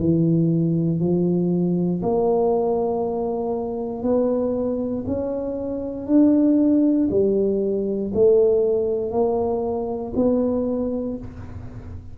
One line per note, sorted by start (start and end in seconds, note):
0.00 1.00 E3
1.00 2.02 F3
2.02 4.03 A#3
4.03 5.05 B3
5.07 6.07 C#4
6.07 7.09 D4
7.10 8.12 G3
8.14 9.11 A3
9.11 10.13 A#3
10.16 11.18 B3